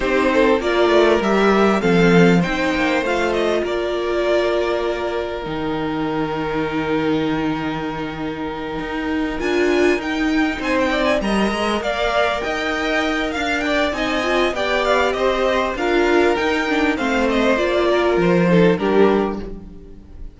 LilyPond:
<<
  \new Staff \with { instrumentName = "violin" } { \time 4/4 \tempo 4 = 99 c''4 d''4 e''4 f''4 | g''4 f''8 dis''8 d''2~ | d''4 g''2.~ | g''2.~ g''8 gis''8~ |
gis''8 g''4 gis''16 g''8 gis''16 ais''4 f''8~ | f''8 g''4. f''8 g''8 gis''4 | g''8 f''8 dis''4 f''4 g''4 | f''8 dis''8 d''4 c''4 ais'4 | }
  \new Staff \with { instrumentName = "violin" } { \time 4/4 g'8 a'8 ais'2 a'4 | c''2 ais'2~ | ais'1~ | ais'1~ |
ais'4. c''8 d''8 dis''4 d''8~ | d''8 dis''4. f''8 d''8 dis''4 | d''4 c''4 ais'2 | c''4. ais'4 a'8 g'4 | }
  \new Staff \with { instrumentName = "viola" } { \time 4/4 dis'4 f'4 g'4 c'4 | dis'4 f'2.~ | f'4 dis'2.~ | dis'2.~ dis'8 f'8~ |
f'8 dis'2 ais'4.~ | ais'2. dis'8 f'8 | g'2 f'4 dis'8 d'8 | c'4 f'4. dis'8 d'4 | }
  \new Staff \with { instrumentName = "cello" } { \time 4/4 c'4 ais8 a8 g4 f4 | c'8 ais8 a4 ais2~ | ais4 dis2.~ | dis2~ dis8 dis'4 d'8~ |
d'8 dis'4 c'4 g8 gis8 ais8~ | ais8 dis'4. d'4 c'4 | b4 c'4 d'4 dis'4 | a4 ais4 f4 g4 | }
>>